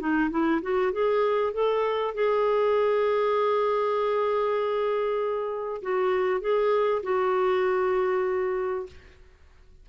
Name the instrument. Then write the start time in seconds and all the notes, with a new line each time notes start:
clarinet
0.00 D#4
0.31 E4
0.63 F#4
0.93 G#4
1.53 A4
2.15 G#4
5.82 F#4
6.41 G#4
7.03 F#4